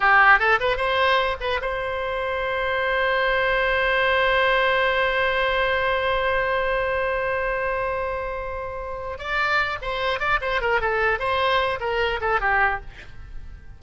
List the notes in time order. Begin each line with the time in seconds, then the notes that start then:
0.00 G4
0.39 A4
0.59 B4
0.76 C5
1.40 B4
1.61 C5
9.18 D5
9.81 C5
10.19 D5
10.41 C5
10.61 A#4
10.80 A4
11.19 C5
11.79 A#4
12.21 A4
12.40 G4